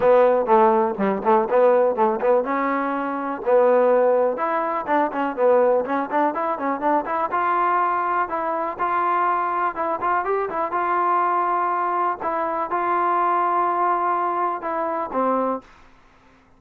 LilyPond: \new Staff \with { instrumentName = "trombone" } { \time 4/4 \tempo 4 = 123 b4 a4 g8 a8 b4 | a8 b8 cis'2 b4~ | b4 e'4 d'8 cis'8 b4 | cis'8 d'8 e'8 cis'8 d'8 e'8 f'4~ |
f'4 e'4 f'2 | e'8 f'8 g'8 e'8 f'2~ | f'4 e'4 f'2~ | f'2 e'4 c'4 | }